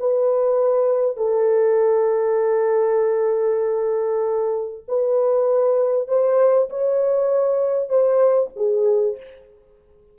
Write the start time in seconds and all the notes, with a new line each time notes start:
0.00 B4
1.17 A4
4.88 B4
6.08 C5
6.70 C#5
7.90 C5
8.56 G#4